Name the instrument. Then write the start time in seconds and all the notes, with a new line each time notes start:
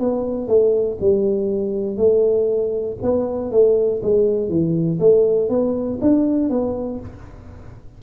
tuba
0.00 B3
0.48 A3
1.01 G3
1.97 A3
3.03 B3
3.51 A3
4.03 G#3
4.49 E3
5.00 A3
5.50 B3
6.02 D4
6.50 B3